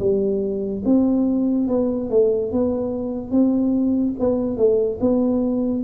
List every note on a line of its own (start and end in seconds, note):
0.00 0.83 G3
0.85 1.68 C4
1.68 2.10 B3
2.10 2.52 A3
2.52 3.31 B3
3.31 4.15 C4
4.20 4.57 B3
4.57 4.99 A3
5.01 5.84 B3